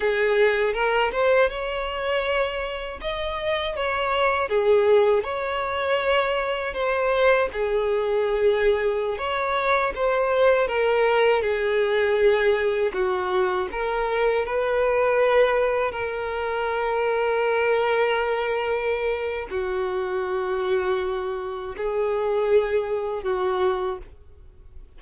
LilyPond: \new Staff \with { instrumentName = "violin" } { \time 4/4 \tempo 4 = 80 gis'4 ais'8 c''8 cis''2 | dis''4 cis''4 gis'4 cis''4~ | cis''4 c''4 gis'2~ | gis'16 cis''4 c''4 ais'4 gis'8.~ |
gis'4~ gis'16 fis'4 ais'4 b'8.~ | b'4~ b'16 ais'2~ ais'8.~ | ais'2 fis'2~ | fis'4 gis'2 fis'4 | }